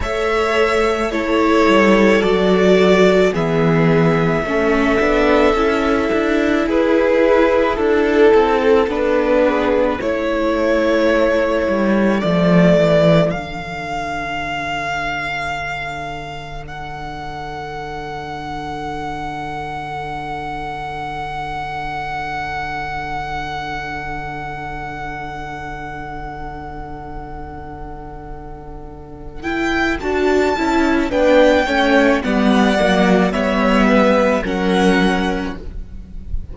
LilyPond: <<
  \new Staff \with { instrumentName = "violin" } { \time 4/4 \tempo 4 = 54 e''4 cis''4 d''4 e''4~ | e''2 b'4 a'4 | b'4 cis''2 d''4 | f''2. fis''4~ |
fis''1~ | fis''1~ | fis''2~ fis''8 g''8 a''4 | g''4 fis''4 e''4 fis''4 | }
  \new Staff \with { instrumentName = "violin" } { \time 4/4 cis''4 a'2 gis'4 | a'2 gis'4 a'4~ | a'8 gis'8 a'2.~ | a'1~ |
a'1~ | a'1~ | a'1 | b'8 cis''8 d''4 cis''8 b'8 ais'4 | }
  \new Staff \with { instrumentName = "viola" } { \time 4/4 a'4 e'4 fis'4 b4 | cis'8 d'8 e'2. | d'4 e'2 a4 | d'1~ |
d'1~ | d'1~ | d'2~ d'8 e'8 fis'8 e'8 | d'8 cis'8 b8 ais8 b4 cis'4 | }
  \new Staff \with { instrumentName = "cello" } { \time 4/4 a4. g8 fis4 e4 | a8 b8 cis'8 d'8 e'4 d'8 c'8 | b4 a4. g8 f8 e8 | d1~ |
d1~ | d1~ | d2. d'8 cis'8 | b8 a8 g8 fis8 g4 fis4 | }
>>